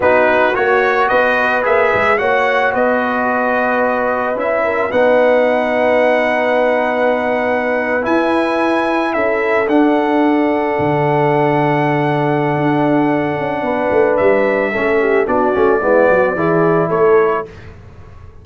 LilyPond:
<<
  \new Staff \with { instrumentName = "trumpet" } { \time 4/4 \tempo 4 = 110 b'4 cis''4 dis''4 e''4 | fis''4 dis''2. | e''4 fis''2.~ | fis''2~ fis''8. gis''4~ gis''16~ |
gis''8. e''4 fis''2~ fis''16~ | fis''1~ | fis''2 e''2 | d''2. cis''4 | }
  \new Staff \with { instrumentName = "horn" } { \time 4/4 fis'2 b'2 | cis''4 b'2.~ | b'8 ais'8 b'2.~ | b'1~ |
b'8. a'2.~ a'16~ | a'1~ | a'4 b'2 a'8 g'8 | fis'4 e'8 fis'8 gis'4 a'4 | }
  \new Staff \with { instrumentName = "trombone" } { \time 4/4 dis'4 fis'2 gis'4 | fis'1 | e'4 dis'2.~ | dis'2~ dis'8. e'4~ e'16~ |
e'4.~ e'16 d'2~ d'16~ | d'1~ | d'2. cis'4 | d'8 cis'8 b4 e'2 | }
  \new Staff \with { instrumentName = "tuba" } { \time 4/4 b4 ais4 b4 ais8 gis8 | ais4 b2. | cis'4 b2.~ | b2~ b8. e'4~ e'16~ |
e'8. cis'4 d'2 d16~ | d2. d'4~ | d'8 cis'8 b8 a8 g4 a4 | b8 a8 gis8 fis8 e4 a4 | }
>>